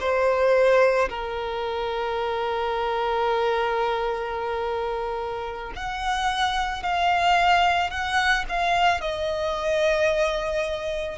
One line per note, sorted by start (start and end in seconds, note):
0.00 1.09 C5
1.09 5.73 A#4
5.76 6.83 F#5
6.83 7.90 F5
7.90 8.45 F#5
8.49 9.01 F5
9.01 11.18 D#5